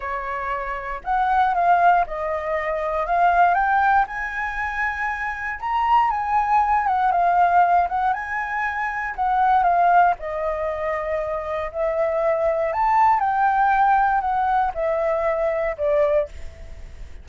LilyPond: \new Staff \with { instrumentName = "flute" } { \time 4/4 \tempo 4 = 118 cis''2 fis''4 f''4 | dis''2 f''4 g''4 | gis''2. ais''4 | gis''4. fis''8 f''4. fis''8 |
gis''2 fis''4 f''4 | dis''2. e''4~ | e''4 a''4 g''2 | fis''4 e''2 d''4 | }